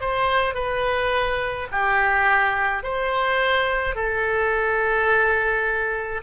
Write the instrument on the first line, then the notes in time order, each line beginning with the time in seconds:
oboe
0.00 C5
0.54 B4
1.72 G4
2.83 C5
3.95 A4